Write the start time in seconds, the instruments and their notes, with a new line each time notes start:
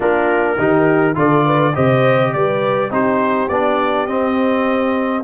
0.00 tuba A#3, trombone D4, horn F4, trumpet A#4
0.58 tuba D#3, trombone D#4, horn G4
1.14 tuba D3, trombone F4, horn A4, trumpet D5
1.45 horn B4
1.74 tuba C3, trombone G4, horn C5, trumpet D#5
2.33 tuba G3, horn B4, trumpet D5
2.90 tuba C4, trombone D#4, horn G4, trumpet C5
3.48 tuba B3, trombone D4, trumpet D5
4.06 tuba C4, trombone C4, trumpet D#5